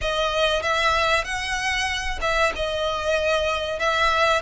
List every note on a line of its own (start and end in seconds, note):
0.01 0.62 D#5
0.62 1.24 E5
1.24 2.19 F#5
2.21 2.53 E5
2.55 3.79 D#5
3.79 4.41 E5